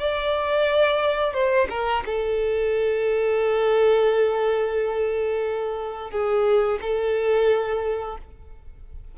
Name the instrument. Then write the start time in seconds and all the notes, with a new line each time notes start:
violin
0.00 D5
1.34 C5
1.70 A#4
2.06 A4
6.11 G#4
6.82 A4